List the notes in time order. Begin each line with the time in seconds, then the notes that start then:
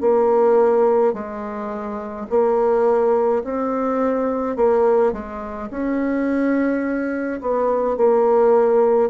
0.00 A#3
1.13 G#3
2.30 A#3
3.43 C4
4.56 A#3
5.12 G#3
5.70 C#4
7.40 B3
7.97 A#3